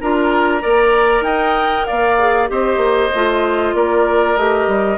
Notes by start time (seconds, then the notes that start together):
0.00 D4 F4 A#4 A#5
0.60 A#3 A#4 D5
1.20 D#4 D#5 G5
1.85 A#3 D5 F5
2.18 G#4
2.47 C4 G4 C5 D#5
2.77 A#3
3.14 A3 F4
3.73 A#3 A#4 D5
4.36 A3 G4 D#5
4.67 G3